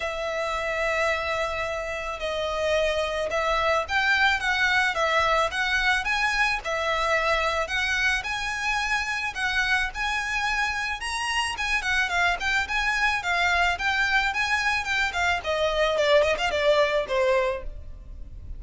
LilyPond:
\new Staff \with { instrumentName = "violin" } { \time 4/4 \tempo 4 = 109 e''1 | dis''2 e''4 g''4 | fis''4 e''4 fis''4 gis''4 | e''2 fis''4 gis''4~ |
gis''4 fis''4 gis''2 | ais''4 gis''8 fis''8 f''8 g''8 gis''4 | f''4 g''4 gis''4 g''8 f''8 | dis''4 d''8 dis''16 f''16 d''4 c''4 | }